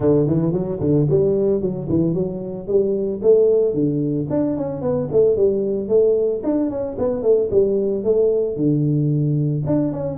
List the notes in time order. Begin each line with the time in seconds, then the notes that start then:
0.00 D3
0.26 E3
0.52 F#3
0.80 D3
1.09 G3
1.61 F#3
1.89 E3
2.14 F#3
2.67 G3
3.22 A3
3.74 D3
4.30 D4
4.56 C#4
4.81 B3
5.12 A3
5.36 G3
5.88 A3
6.43 D4
6.69 C#4
6.98 B3
7.22 A3
7.50 G3
8.04 A3
8.56 D3
9.66 D4
9.92 C#4